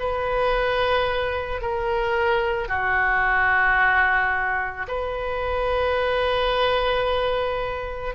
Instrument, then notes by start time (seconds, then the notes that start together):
oboe
0.00 B4
1.62 A#4
2.69 F#4
4.88 B4